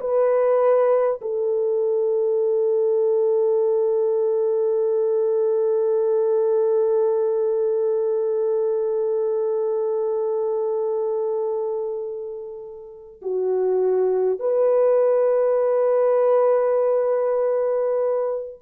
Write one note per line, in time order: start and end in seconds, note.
0.00 1.20 B4
1.21 13.21 A4
13.21 14.39 F#4
14.39 18.59 B4